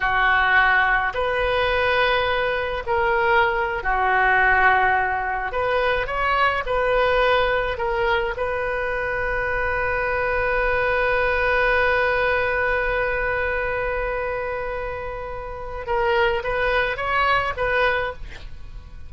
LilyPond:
\new Staff \with { instrumentName = "oboe" } { \time 4/4 \tempo 4 = 106 fis'2 b'2~ | b'4 ais'4.~ ais'16 fis'4~ fis'16~ | fis'4.~ fis'16 b'4 cis''4 b'16~ | b'4.~ b'16 ais'4 b'4~ b'16~ |
b'1~ | b'1~ | b'1 | ais'4 b'4 cis''4 b'4 | }